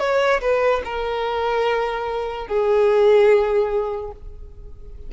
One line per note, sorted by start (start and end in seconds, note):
0.00 0.41 C#5
0.41 0.83 B4
0.85 2.48 A#4
2.48 4.12 G#4